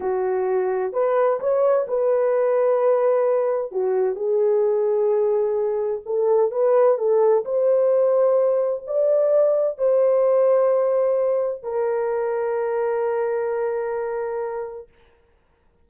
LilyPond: \new Staff \with { instrumentName = "horn" } { \time 4/4 \tempo 4 = 129 fis'2 b'4 cis''4 | b'1 | fis'4 gis'2.~ | gis'4 a'4 b'4 a'4 |
c''2. d''4~ | d''4 c''2.~ | c''4 ais'2.~ | ais'1 | }